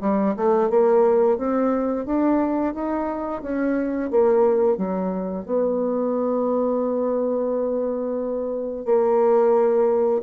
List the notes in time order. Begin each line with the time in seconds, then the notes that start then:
0.00 G3
0.36 A3
0.69 A#3
1.37 C4
2.05 D4
2.74 D#4
3.42 C#4
4.10 A#3
4.77 F#3
5.45 B3
8.85 A#3